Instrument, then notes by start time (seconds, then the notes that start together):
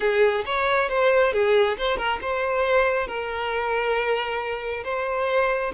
violin
0.00 G#4
0.45 C#5
0.89 C5
1.33 G#4
1.77 C5
1.97 A#4
2.21 C5
3.07 A#4
4.84 C5